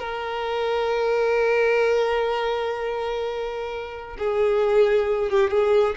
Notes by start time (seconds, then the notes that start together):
0.00 A#4
4.19 G#4
5.30 G4
5.51 G#4